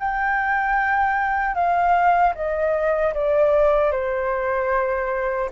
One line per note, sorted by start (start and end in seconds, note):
0.00 1.55 G5
1.55 2.34 F5
2.35 3.14 D#5
3.14 3.92 D5
3.92 5.50 C5